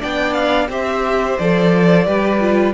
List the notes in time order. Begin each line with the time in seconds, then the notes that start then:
0.00 B3 D4 D5 G5
0.34 F5
0.69 C4 G4 C5 E5
1.39 F3 A4 D5
2.06 G3 G4 B4
2.41 F4